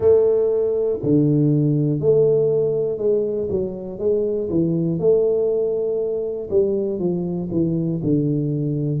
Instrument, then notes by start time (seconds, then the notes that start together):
tuba
0.00 A3
1.03 D3
2.00 A3
2.98 G#3
3.50 F#3
3.98 G#3
4.50 E3
4.99 A3
6.50 G3
6.99 F3
7.50 E3
8.03 D3